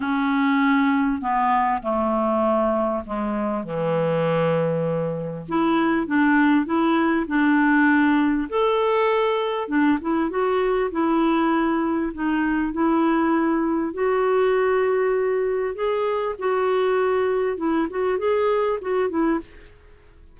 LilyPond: \new Staff \with { instrumentName = "clarinet" } { \time 4/4 \tempo 4 = 99 cis'2 b4 a4~ | a4 gis4 e2~ | e4 e'4 d'4 e'4 | d'2 a'2 |
d'8 e'8 fis'4 e'2 | dis'4 e'2 fis'4~ | fis'2 gis'4 fis'4~ | fis'4 e'8 fis'8 gis'4 fis'8 e'8 | }